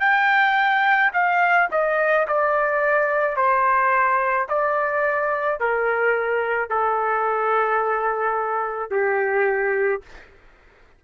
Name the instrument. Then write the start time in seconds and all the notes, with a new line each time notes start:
trumpet
0.00 G5
1.13 F5
1.71 D#5
2.28 D5
3.36 C5
4.49 D5
5.60 A#4
6.70 A4
8.90 G4